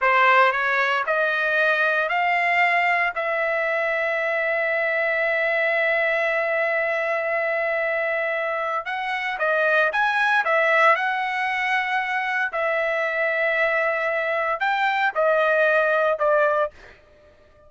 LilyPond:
\new Staff \with { instrumentName = "trumpet" } { \time 4/4 \tempo 4 = 115 c''4 cis''4 dis''2 | f''2 e''2~ | e''1~ | e''1~ |
e''4 fis''4 dis''4 gis''4 | e''4 fis''2. | e''1 | g''4 dis''2 d''4 | }